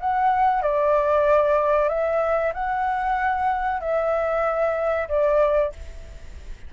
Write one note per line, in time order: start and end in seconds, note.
0.00 0.62 F#5
0.62 1.89 D5
1.89 2.52 E5
2.53 3.80 F#5
3.80 5.08 E5
5.08 5.72 D5